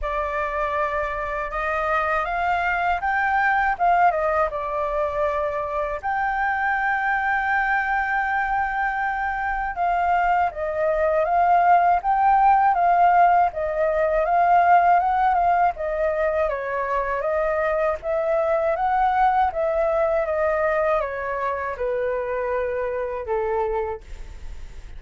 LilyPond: \new Staff \with { instrumentName = "flute" } { \time 4/4 \tempo 4 = 80 d''2 dis''4 f''4 | g''4 f''8 dis''8 d''2 | g''1~ | g''4 f''4 dis''4 f''4 |
g''4 f''4 dis''4 f''4 | fis''8 f''8 dis''4 cis''4 dis''4 | e''4 fis''4 e''4 dis''4 | cis''4 b'2 a'4 | }